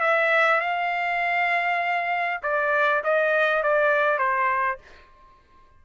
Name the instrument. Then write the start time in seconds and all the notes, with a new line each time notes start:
trumpet
0.00 E5
0.60 F5
2.42 D5
3.04 D#5
3.63 D5
4.18 C5